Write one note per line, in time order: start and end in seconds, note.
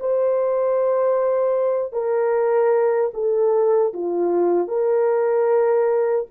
0.00 1.93 C5
1.93 3.11 A#4
3.14 3.93 A4
3.94 4.68 F4
4.68 6.26 A#4